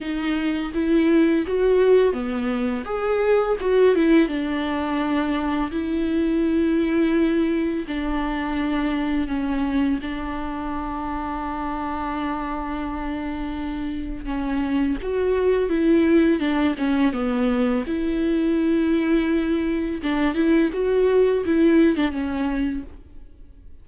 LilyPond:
\new Staff \with { instrumentName = "viola" } { \time 4/4 \tempo 4 = 84 dis'4 e'4 fis'4 b4 | gis'4 fis'8 e'8 d'2 | e'2. d'4~ | d'4 cis'4 d'2~ |
d'1 | cis'4 fis'4 e'4 d'8 cis'8 | b4 e'2. | d'8 e'8 fis'4 e'8. d'16 cis'4 | }